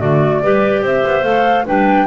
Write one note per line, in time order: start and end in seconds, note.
0.00 0.43 D3
0.00 0.43 A3
0.00 0.42 F#4
0.00 0.85 D5
0.43 0.83 G3
0.43 1.24 G4
0.43 0.82 B4
0.82 1.04 C4
0.82 1.65 C5
0.82 1.24 E5
1.06 1.24 B3
1.24 1.65 A3
1.24 1.65 A4
1.24 1.66 F5
1.66 2.07 G3
1.66 2.07 D4
1.66 2.07 B4
1.66 2.07 G5